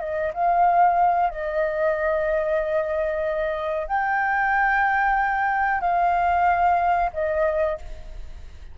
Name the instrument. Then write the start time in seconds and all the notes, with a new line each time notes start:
flute
0.00 D#5
0.33 F5
1.30 D#5
3.87 G5
5.81 F5
7.13 D#5